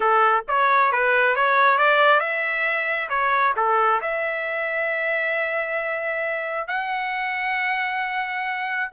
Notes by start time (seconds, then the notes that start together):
0.00 A4
0.48 C#5
0.92 B4
1.35 C#5
1.78 D5
2.20 E5
3.09 C#5
3.56 A4
4.01 E5
6.67 F#5